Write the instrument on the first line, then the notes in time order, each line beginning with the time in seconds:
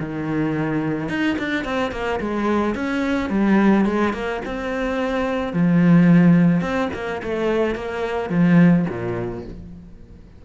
cello
0.00 D#3
1.09 D#4
1.39 D4
1.65 C4
1.92 A#3
2.20 G#3
2.75 C#4
3.30 G3
3.86 G#3
4.14 A#3
4.45 C4
5.54 F3
6.62 C4
6.94 A#3
7.23 A3
7.76 A#3
8.30 F3
8.90 A#2